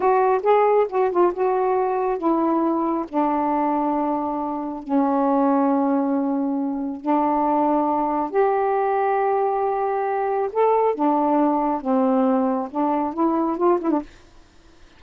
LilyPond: \new Staff \with { instrumentName = "saxophone" } { \time 4/4 \tempo 4 = 137 fis'4 gis'4 fis'8 f'8 fis'4~ | fis'4 e'2 d'4~ | d'2. cis'4~ | cis'1 |
d'2. g'4~ | g'1 | a'4 d'2 c'4~ | c'4 d'4 e'4 f'8 e'16 d'16 | }